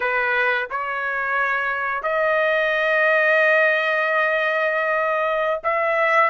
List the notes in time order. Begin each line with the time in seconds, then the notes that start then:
0.00 B4
0.70 C#5
2.03 D#5
5.63 E5